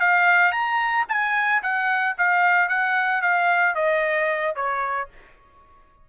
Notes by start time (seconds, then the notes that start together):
0.00 F5
0.52 A#5
1.09 G#5
1.63 F#5
2.18 F5
2.69 F#5
3.22 F5
3.75 D#5
4.55 C#5